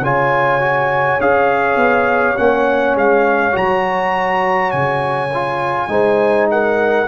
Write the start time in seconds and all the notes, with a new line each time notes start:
0.00 C#3 F4 C#5 G#5
0.60 F#4
1.20 C#4 G#4 F5
1.76 B3
2.36 A#3 C#4 F#5
2.95 G#3 F5
3.52 F#3 F#4 A#5
4.71 C#3 G#5
5.33 F4
5.88 G#3 D#4 C5
6.50 A#4 F#5